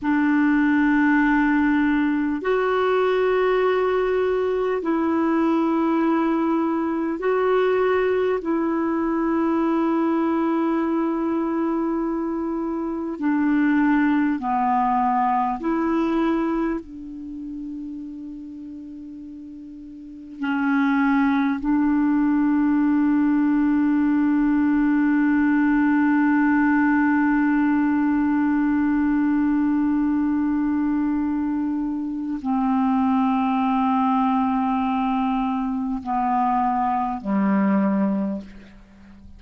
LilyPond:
\new Staff \with { instrumentName = "clarinet" } { \time 4/4 \tempo 4 = 50 d'2 fis'2 | e'2 fis'4 e'4~ | e'2. d'4 | b4 e'4 d'2~ |
d'4 cis'4 d'2~ | d'1~ | d'2. c'4~ | c'2 b4 g4 | }